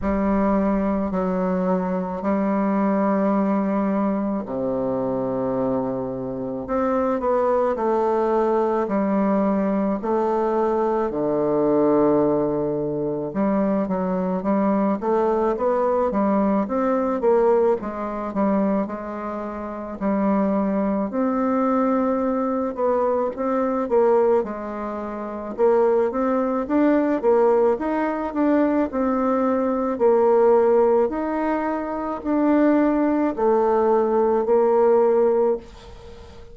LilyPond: \new Staff \with { instrumentName = "bassoon" } { \time 4/4 \tempo 4 = 54 g4 fis4 g2 | c2 c'8 b8 a4 | g4 a4 d2 | g8 fis8 g8 a8 b8 g8 c'8 ais8 |
gis8 g8 gis4 g4 c'4~ | c'8 b8 c'8 ais8 gis4 ais8 c'8 | d'8 ais8 dis'8 d'8 c'4 ais4 | dis'4 d'4 a4 ais4 | }